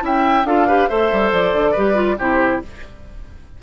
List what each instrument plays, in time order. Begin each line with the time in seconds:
0.00 bassoon C#4, clarinet E4, oboe E5, flute G5
0.44 bassoon D4, clarinet F4, oboe A4, flute F5
0.67 clarinet G4, oboe B4
0.88 bassoon A3, clarinet A4, oboe C5, flute E5
1.12 bassoon G3
1.32 bassoon F3, flute D5
1.53 bassoon D3
1.71 bassoon G3, clarinet G4, oboe B4
1.94 clarinet F4
2.18 bassoon C3, clarinet E4, oboe G4, flute C5